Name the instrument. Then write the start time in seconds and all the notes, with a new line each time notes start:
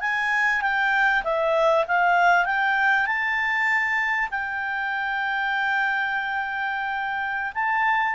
clarinet
0.00 G#5
0.61 G5
1.24 E5
1.87 F5
2.45 G5
3.06 A5
4.31 G5
7.54 A5